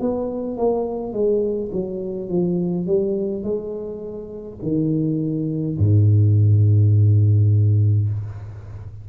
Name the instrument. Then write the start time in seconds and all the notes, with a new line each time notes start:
tuba
0.00 B3
0.58 A#3
1.13 G#3
1.73 F#3
2.30 F3
2.87 G3
3.44 G#3
4.63 D#3
5.78 G#2